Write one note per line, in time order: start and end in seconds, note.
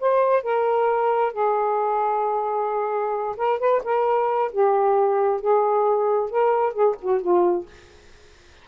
0.00 0.43 C5
0.43 1.33 A#4
1.33 3.36 G#4
3.37 3.59 A#4
3.59 3.82 B4
3.84 4.51 A#4
4.52 5.41 G4
5.41 6.30 G#4
6.30 6.73 A#4
6.73 6.96 G#4
7.01 7.21 F#4
7.21 7.66 F4